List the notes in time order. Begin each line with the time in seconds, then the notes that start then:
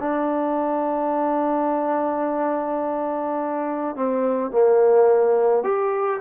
0.00 D4
3.96 C4
4.52 A#3
5.64 G4